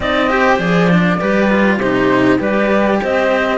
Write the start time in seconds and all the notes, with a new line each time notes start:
0.00 C4 D#4 D5 D#5
0.29 G4 C5
0.58 F3 G#4 D5
0.89 D4
1.20 G3 G4 B4
1.50 F4
1.77 C3 D#4 G4 C5
2.38 G3 G4 B4 D5
3.02 C4 C5 D#5